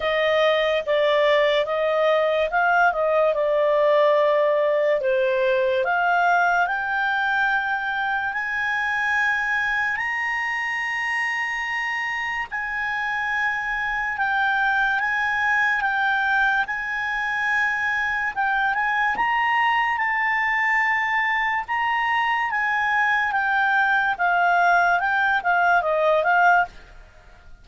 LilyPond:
\new Staff \with { instrumentName = "clarinet" } { \time 4/4 \tempo 4 = 72 dis''4 d''4 dis''4 f''8 dis''8 | d''2 c''4 f''4 | g''2 gis''2 | ais''2. gis''4~ |
gis''4 g''4 gis''4 g''4 | gis''2 g''8 gis''8 ais''4 | a''2 ais''4 gis''4 | g''4 f''4 g''8 f''8 dis''8 f''8 | }